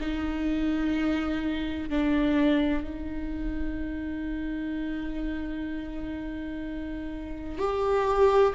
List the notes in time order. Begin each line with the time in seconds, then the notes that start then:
0.00 D#4
1.89 D4
2.83 D#4
7.58 G4